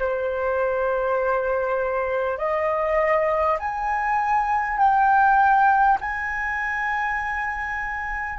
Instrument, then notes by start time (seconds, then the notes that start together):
flute
0.00 C5
2.38 D#5
3.60 G#5
4.78 G5
6.01 G#5